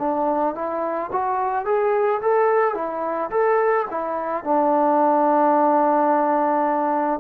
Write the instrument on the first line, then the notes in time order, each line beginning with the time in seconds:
trombone
0.00 D4
0.56 E4
1.12 F#4
1.66 G#4
2.22 A4
2.75 E4
3.31 A4
3.91 E4
4.44 D4